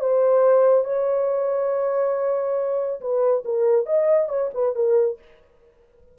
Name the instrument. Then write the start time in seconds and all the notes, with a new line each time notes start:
horn
0.00 C5
0.85 C#5
3.01 B4
3.45 A#4
3.86 D#5
4.29 C#5
4.54 B4
4.75 A#4